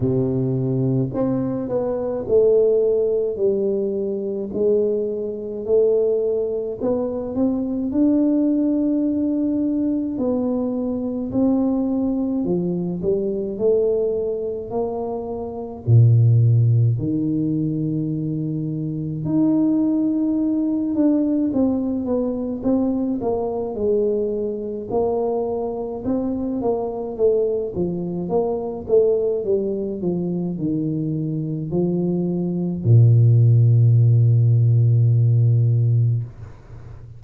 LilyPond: \new Staff \with { instrumentName = "tuba" } { \time 4/4 \tempo 4 = 53 c4 c'8 b8 a4 g4 | gis4 a4 b8 c'8 d'4~ | d'4 b4 c'4 f8 g8 | a4 ais4 ais,4 dis4~ |
dis4 dis'4. d'8 c'8 b8 | c'8 ais8 gis4 ais4 c'8 ais8 | a8 f8 ais8 a8 g8 f8 dis4 | f4 ais,2. | }